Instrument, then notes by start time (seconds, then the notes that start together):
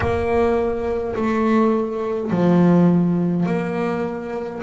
double bass
0.00 A#3
1.15 A3
2.30 F3
3.46 A#3